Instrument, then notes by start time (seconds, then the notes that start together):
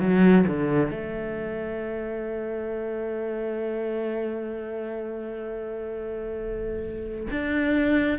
cello
0.00 F#3
0.48 D3
0.91 A3
7.31 D4